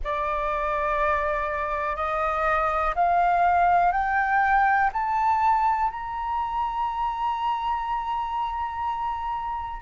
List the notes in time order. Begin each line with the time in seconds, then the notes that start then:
0.04 D5
1.95 D#5
2.95 F5
3.92 G5
4.92 A5
5.90 A#5